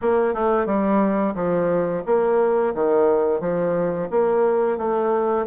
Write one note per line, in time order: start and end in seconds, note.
0.01 0.34 A#3
0.34 0.66 A3
0.66 1.34 G3
1.35 2.03 F3
2.05 2.74 A#3
2.74 3.40 D#3
3.40 4.08 F3
4.10 4.77 A#3
4.77 5.45 A3